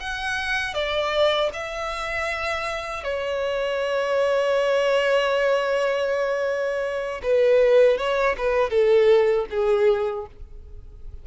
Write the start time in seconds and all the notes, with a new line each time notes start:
0.00 F#5
0.74 D5
1.53 E5
3.03 C#5
7.23 B4
7.98 C#5
8.38 B4
8.70 A4
9.50 G#4